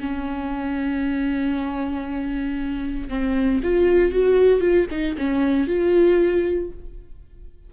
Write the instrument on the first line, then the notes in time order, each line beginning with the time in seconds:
viola
0.00 C#4
3.09 C4
3.64 F4
4.12 F#4
4.61 F4
4.91 D#4
5.18 C#4
5.68 F4